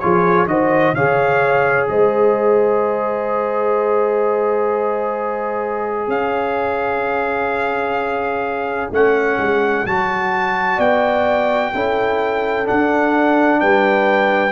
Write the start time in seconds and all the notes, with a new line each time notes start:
0.00 F3 F4 G#4 C#5
0.46 D#3 F#4 C5 D#5
0.93 C#3 G#4 C#5 F5
1.88 G#3 C5 D#5
6.07 C#4 C#5 F5
8.91 A3 C#4 F#5
9.38 G#3
9.86 F#3 F#4 A5
10.76 B3 D5 G5
11.74 C#4 E4 A4
12.66 D4 F#5
13.60 G3 B4 G5